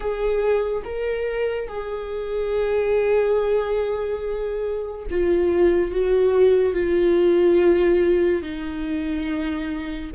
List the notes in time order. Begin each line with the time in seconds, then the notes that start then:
0.00 G#4
0.84 A#4
1.67 G#4
5.10 F4
5.91 F#4
6.73 F4
8.42 D#4